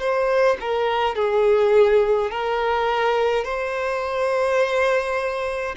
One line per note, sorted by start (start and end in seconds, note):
0.00 0.58 C5
0.61 1.16 A#4
1.16 2.31 G#4
2.31 3.45 A#4
3.45 5.75 C5